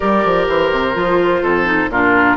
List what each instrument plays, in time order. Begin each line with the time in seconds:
0.00 bassoon G3, clarinet G4, oboe A#4, flute D5
0.24 bassoon F3
0.48 bassoon E3, flute C5
0.71 bassoon C3
0.94 bassoon F3, clarinet F4
1.42 bassoon F2, oboe A4
1.65 clarinet D#4
1.89 bassoon A#2, clarinet D4, oboe F4, flute A#4